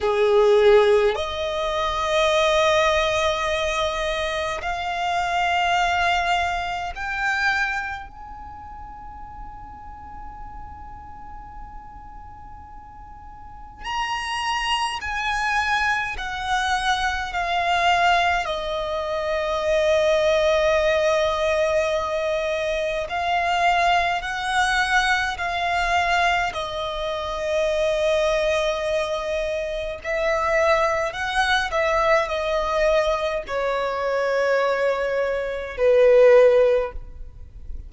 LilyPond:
\new Staff \with { instrumentName = "violin" } { \time 4/4 \tempo 4 = 52 gis'4 dis''2. | f''2 g''4 gis''4~ | gis''1 | ais''4 gis''4 fis''4 f''4 |
dis''1 | f''4 fis''4 f''4 dis''4~ | dis''2 e''4 fis''8 e''8 | dis''4 cis''2 b'4 | }